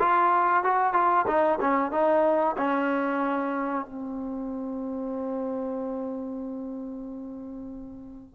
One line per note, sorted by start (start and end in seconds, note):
0.00 0.65 F4
0.65 0.94 F#4
0.94 1.26 F4
1.28 1.60 D#4
1.61 1.92 C#4
1.92 2.57 D#4
2.58 3.86 C#4
3.86 8.36 C4